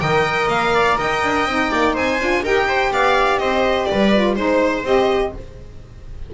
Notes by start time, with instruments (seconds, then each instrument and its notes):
0.00 double bass D#3, saxophone A#4, viola D#5, violin G5
0.48 double bass A#3, violin F5
0.74 viola D5
0.98 double bass D#4, viola D#5, violin G5
1.24 double bass D4
1.46 double bass C4, saxophone D#4
1.71 double bass A#3, viola D5
1.94 double bass C4, viola C5, violin G#5
2.20 double bass D4, saxophone F4
2.43 double bass D#4, saxophone G4, viola A#4, violin G5
2.68 viola C5
2.92 double bass B3, viola D5, violin F5
3.38 double bass C4, viola C5, violin D#5
3.86 viola B4, violin D5
3.92 double bass G3
4.14 saxophone F4
4.36 double bass G#3, saxophone D#4, viola C5, violin C5
4.84 double bass C4, saxophone G4, violin D#5